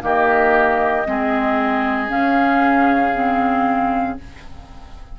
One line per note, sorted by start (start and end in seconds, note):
0.00 1.06 D#3
0.00 1.03 A#3
0.00 1.07 G4
0.00 2.09 D#5
1.06 2.09 G#3
1.06 2.07 C4
1.06 4.18 G#4
2.07 4.16 C#3
2.07 3.11 C#4
2.07 4.16 F5
3.14 4.18 C4